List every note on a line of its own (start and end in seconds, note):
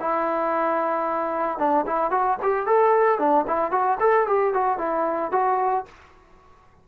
0.00 1.58 E4
1.58 1.85 D4
1.86 2.11 E4
2.11 2.37 F#4
2.42 2.67 G4
2.67 3.19 A4
3.19 3.45 D4
3.47 3.71 E4
3.71 3.98 F#4
4.00 4.27 A4
4.27 4.53 G4
4.53 4.78 F#4
4.78 5.32 E4
5.32 5.85 F#4